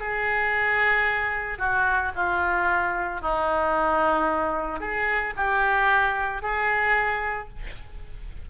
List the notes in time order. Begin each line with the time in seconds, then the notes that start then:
0.00 G#4
1.59 F#4
2.16 F4
3.21 D#4
4.81 G#4
5.37 G4
6.42 G#4